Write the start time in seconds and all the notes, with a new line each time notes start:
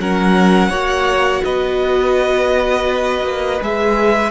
0.00 F#3 C#4 A#4 F#5
0.70 A#3 F#4 C#5
1.44 B3 B4 D#5
3.24 A#3
3.62 G#3 G#4 E5